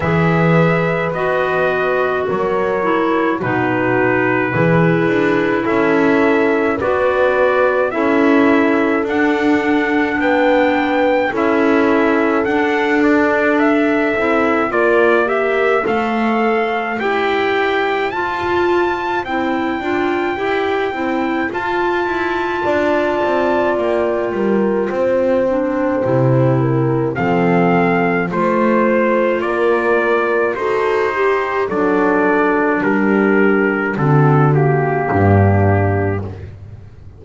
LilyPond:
<<
  \new Staff \with { instrumentName = "trumpet" } { \time 4/4 \tempo 4 = 53 e''4 dis''4 cis''4 b'4~ | b'4 e''4 d''4 e''4 | fis''4 g''4 e''4 fis''8 d''8 | e''4 d''8 e''8 f''4 g''4 |
a''4 g''2 a''4~ | a''4 g''2. | f''4 c''4 d''4 c''4 | d''4 ais'4 a'8 g'4. | }
  \new Staff \with { instrumentName = "horn" } { \time 4/4 b'2 ais'4 fis'4 | gis'4 a'4 b'4 a'4~ | a'4 b'4 a'2~ | a'4 ais'4 c''2~ |
c''1 | d''4. ais'8 c''4. ais'8 | a'4 c''4 ais'4 a'8 g'8 | a'4 g'4 fis'4 d'4 | }
  \new Staff \with { instrumentName = "clarinet" } { \time 4/4 gis'4 fis'4. e'8 dis'4 | e'2 fis'4 e'4 | d'2 e'4 d'4~ | d'8 e'8 f'8 g'8 a'4 g'4 |
f'4 e'8 f'8 g'8 e'8 f'4~ | f'2~ f'8 d'8 e'4 | c'4 f'2 fis'8 g'8 | d'2 c'8 ais4. | }
  \new Staff \with { instrumentName = "double bass" } { \time 4/4 e4 b4 fis4 b,4 | e8 d'8 cis'4 b4 cis'4 | d'4 b4 cis'4 d'4~ | d'8 c'8 ais4 a4 e'4 |
f'4 c'8 d'8 e'8 c'8 f'8 e'8 | d'8 c'8 ais8 g8 c'4 c4 | f4 a4 ais4 dis'4 | fis4 g4 d4 g,4 | }
>>